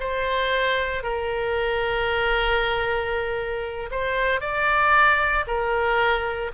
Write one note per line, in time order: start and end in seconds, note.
0.00 1.03 C5
1.03 3.90 A#4
3.91 4.41 C5
4.41 5.45 D5
5.47 6.51 A#4